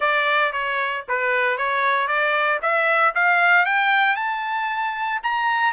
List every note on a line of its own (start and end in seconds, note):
0.00 0.52 D5
0.52 1.04 C#5
1.08 1.57 B4
1.57 2.07 C#5
2.07 2.59 D5
2.62 3.14 E5
3.14 3.65 F5
3.65 4.15 G5
4.15 5.20 A5
5.23 5.72 A#5